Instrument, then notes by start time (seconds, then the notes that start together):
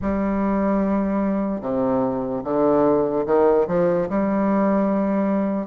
bassoon
0.01 G3
1.61 C3
2.44 D3
3.26 D#3
3.67 F3
4.09 G3